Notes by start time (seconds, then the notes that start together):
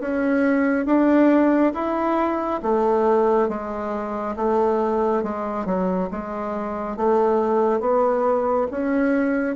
0.00 C#4
0.85 D4
1.74 E4
2.62 A3
3.48 G#3
4.36 A3
5.23 G#3
5.65 F#3
6.11 G#3
6.96 A3
7.80 B3
8.70 C#4